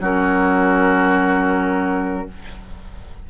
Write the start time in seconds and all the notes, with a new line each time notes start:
0.00 F#3 C#4 F#4 A#4